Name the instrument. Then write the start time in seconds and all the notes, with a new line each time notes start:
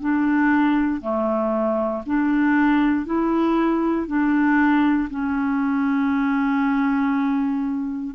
clarinet
0.00 D4
1.01 A3
2.06 D4
3.06 E4
4.07 D4
5.10 C#4